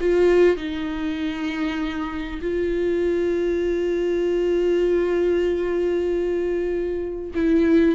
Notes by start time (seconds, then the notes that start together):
0.00 F4
0.57 D#4
2.42 F4
7.35 E4